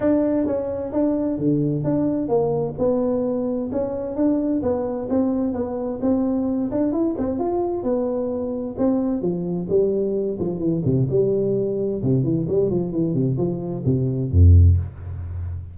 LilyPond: \new Staff \with { instrumentName = "tuba" } { \time 4/4 \tempo 4 = 130 d'4 cis'4 d'4 d4 | d'4 ais4 b2 | cis'4 d'4 b4 c'4 | b4 c'4. d'8 e'8 c'8 |
f'4 b2 c'4 | f4 g4. f8 e8 c8 | g2 c8 e8 g8 f8 | e8 c8 f4 c4 f,4 | }